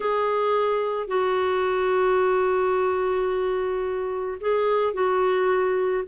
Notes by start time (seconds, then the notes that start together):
0.00 G#4
1.07 F#4
4.40 G#4
4.93 F#4